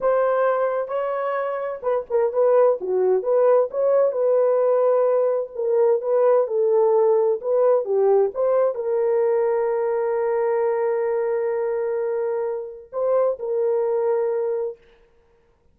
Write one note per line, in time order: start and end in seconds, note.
0.00 0.87 C5
0.87 1.80 C#5
1.82 2.05 B4
2.10 2.32 A#4
2.32 2.78 B4
2.80 3.23 F#4
3.23 3.69 B4
3.70 4.12 C#5
4.12 5.50 B4
5.55 6.01 A#4
6.01 6.47 B4
6.47 7.39 A4
7.41 7.84 B4
7.84 8.30 G4
8.33 8.74 C5
8.74 12.90 A#4
12.92 13.38 C5
13.39 14.77 A#4